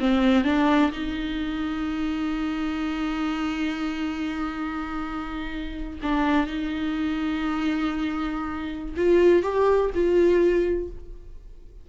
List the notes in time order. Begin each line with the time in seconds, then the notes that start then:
0.00 C4
0.45 D4
0.92 D#4
6.03 D4
6.47 D#4
8.97 F4
9.43 G4
9.95 F4